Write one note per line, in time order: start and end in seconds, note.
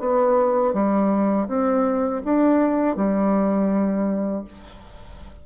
0.00 0.74 B3
0.74 1.48 G3
1.48 2.22 C4
2.25 2.96 D4
2.96 4.44 G3